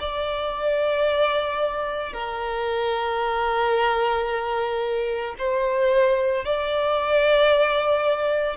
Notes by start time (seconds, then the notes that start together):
0.00 D5
2.13 A#4
5.38 C5
6.45 D5